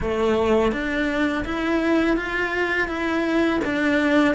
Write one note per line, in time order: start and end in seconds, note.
0.00 0.72 A3
0.72 1.44 D4
1.45 2.17 E4
2.17 2.88 F4
2.88 3.60 E4
3.64 4.34 D4